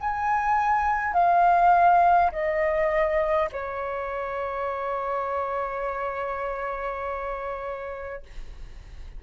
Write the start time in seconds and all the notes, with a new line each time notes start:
0.00 G#5
1.13 F5
2.32 D#5
3.52 C#5